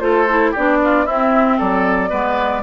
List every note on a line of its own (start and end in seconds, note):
0.00 0.53 A3
0.00 0.27 F4
0.00 0.51 A4
0.00 0.53 C5
0.29 0.55 E4
0.51 1.06 B3
0.51 1.07 D4
0.51 0.77 G4
0.51 1.06 D5
0.84 1.05 F4
1.05 1.59 C4
1.05 2.10 C4
1.05 1.57 E4
1.05 1.59 E5
1.58 2.12 F#3
1.58 2.10 A4
1.58 2.63 D5
2.10 2.63 G#3
2.10 2.62 B3
2.10 2.62 B4